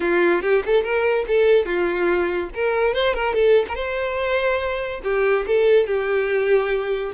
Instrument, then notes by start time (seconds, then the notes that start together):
violin
0.00 F4
0.42 G4
0.65 A4
0.83 A#4
1.27 A4
1.65 F4
2.54 A#4
2.94 C5
3.14 A#4
3.34 A4
3.68 A#4
3.75 C5
5.03 G4
5.46 A4
5.86 G4